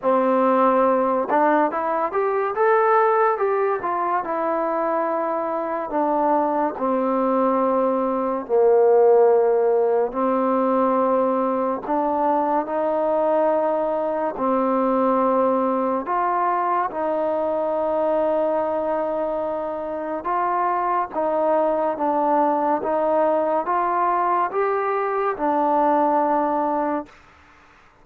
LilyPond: \new Staff \with { instrumentName = "trombone" } { \time 4/4 \tempo 4 = 71 c'4. d'8 e'8 g'8 a'4 | g'8 f'8 e'2 d'4 | c'2 ais2 | c'2 d'4 dis'4~ |
dis'4 c'2 f'4 | dis'1 | f'4 dis'4 d'4 dis'4 | f'4 g'4 d'2 | }